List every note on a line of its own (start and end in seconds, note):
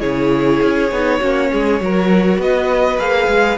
0.00 0.61 C#3
0.00 0.89 E4
0.00 1.19 G#4
0.00 2.38 C#5
0.62 0.91 C#4
0.91 1.21 B3
0.91 1.21 D#4
1.20 1.52 A#3
1.20 1.80 C#4
1.20 1.49 F#4
1.51 1.81 G#3
1.51 1.81 G#4
1.80 2.38 F#3
1.80 2.99 F#4
1.80 2.41 A#4
2.38 2.98 B3
2.38 3.58 B4
2.38 3.00 D#5
2.98 3.28 A#3
2.98 3.58 G#4
2.98 3.58 F5
3.28 3.58 G#3